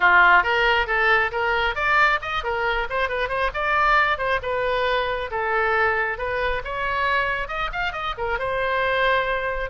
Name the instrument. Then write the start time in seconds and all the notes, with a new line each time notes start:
oboe
0.00 F4
0.43 A#4
0.86 A4
1.31 A#4
1.75 D5
2.21 D#5
2.43 A#4
2.89 C5
3.09 B4
3.28 C5
3.54 D5
4.18 C5
4.42 B4
5.30 A4
6.18 B4
6.64 C#5
7.48 D#5
7.72 F5
7.92 D#5
8.17 A#4
8.38 C5